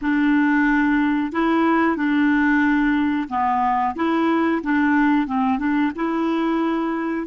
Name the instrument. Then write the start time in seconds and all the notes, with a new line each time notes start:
clarinet
0.01 D4
1.32 E4
1.96 D4
3.29 B3
3.95 E4
4.63 D4
5.26 C4
5.59 D4
5.95 E4